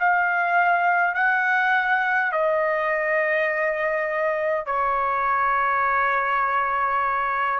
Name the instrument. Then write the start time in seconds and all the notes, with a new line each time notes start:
trumpet
0.00 F5
1.15 F#5
2.33 D#5
4.66 C#5